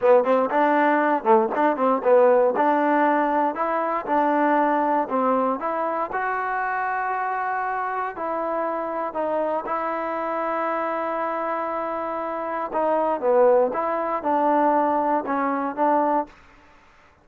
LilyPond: \new Staff \with { instrumentName = "trombone" } { \time 4/4 \tempo 4 = 118 b8 c'8 d'4. a8 d'8 c'8 | b4 d'2 e'4 | d'2 c'4 e'4 | fis'1 |
e'2 dis'4 e'4~ | e'1~ | e'4 dis'4 b4 e'4 | d'2 cis'4 d'4 | }